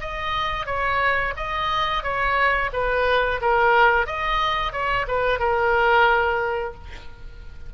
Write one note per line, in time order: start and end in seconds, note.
0.00 0.66 D#5
0.66 1.33 C#5
1.36 2.03 D#5
2.03 2.70 C#5
2.73 3.40 B4
3.41 4.06 A#4
4.06 4.72 D#5
4.72 5.06 C#5
5.07 5.39 B4
5.39 6.74 A#4